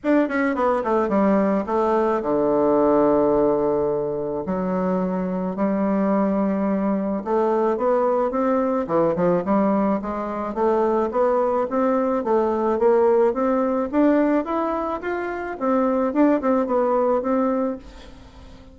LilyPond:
\new Staff \with { instrumentName = "bassoon" } { \time 4/4 \tempo 4 = 108 d'8 cis'8 b8 a8 g4 a4 | d1 | fis2 g2~ | g4 a4 b4 c'4 |
e8 f8 g4 gis4 a4 | b4 c'4 a4 ais4 | c'4 d'4 e'4 f'4 | c'4 d'8 c'8 b4 c'4 | }